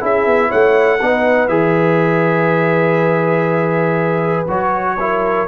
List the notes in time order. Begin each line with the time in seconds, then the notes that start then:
0.00 C#4 E4 G#4 E5
0.26 B3
0.48 A3 C#5 F#5
1.00 B3 D#4 B4
1.48 E3 G#4 E5
4.48 F#3 F#4 C#5
5.00 E4 A#4